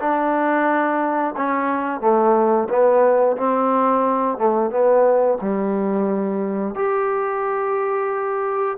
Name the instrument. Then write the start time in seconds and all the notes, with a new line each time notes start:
trombone
0.00 D4
1.37 C#4
2.01 A3
2.69 B3
3.37 C4
4.38 A3
4.71 B3
5.41 G3
6.75 G4